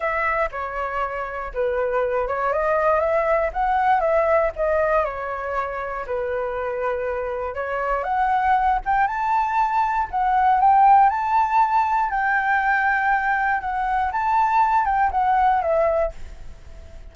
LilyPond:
\new Staff \with { instrumentName = "flute" } { \time 4/4 \tempo 4 = 119 e''4 cis''2 b'4~ | b'8 cis''8 dis''4 e''4 fis''4 | e''4 dis''4 cis''2 | b'2. cis''4 |
fis''4. g''8 a''2 | fis''4 g''4 a''2 | g''2. fis''4 | a''4. g''8 fis''4 e''4 | }